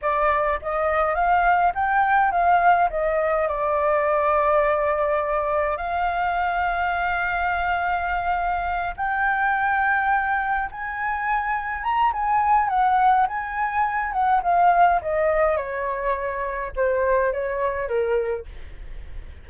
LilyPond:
\new Staff \with { instrumentName = "flute" } { \time 4/4 \tempo 4 = 104 d''4 dis''4 f''4 g''4 | f''4 dis''4 d''2~ | d''2 f''2~ | f''2.~ f''8 g''8~ |
g''2~ g''8 gis''4.~ | gis''8 ais''8 gis''4 fis''4 gis''4~ | gis''8 fis''8 f''4 dis''4 cis''4~ | cis''4 c''4 cis''4 ais'4 | }